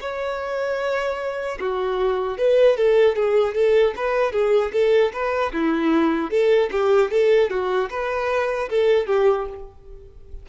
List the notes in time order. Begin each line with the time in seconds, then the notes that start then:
0.00 C#5
1.59 F#4
2.37 B4
2.76 A4
3.16 G#4
3.54 A4
3.96 B4
4.32 G#4
4.72 A4
5.12 B4
5.52 E4
6.30 A4
6.71 G4
7.11 A4
7.50 F#4
7.89 B4
8.69 A4
9.06 G4